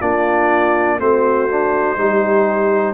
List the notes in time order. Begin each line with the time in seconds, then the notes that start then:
0.00 A#3 D4 F4 D5
0.99 A3 C4 F#4 C5
1.49 D4
1.97 G3 D#4 G4